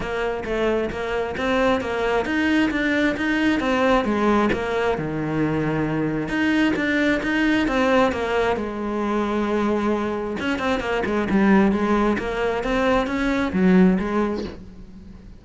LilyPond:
\new Staff \with { instrumentName = "cello" } { \time 4/4 \tempo 4 = 133 ais4 a4 ais4 c'4 | ais4 dis'4 d'4 dis'4 | c'4 gis4 ais4 dis4~ | dis2 dis'4 d'4 |
dis'4 c'4 ais4 gis4~ | gis2. cis'8 c'8 | ais8 gis8 g4 gis4 ais4 | c'4 cis'4 fis4 gis4 | }